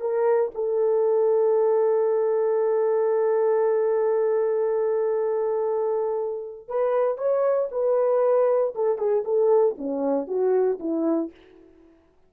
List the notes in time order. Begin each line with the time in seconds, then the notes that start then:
0.00 A#4
0.55 A4
6.68 B4
7.17 C#5
7.71 B4
8.75 A4
8.98 G#4
9.24 A4
9.78 C#4
10.28 F#4
10.79 E4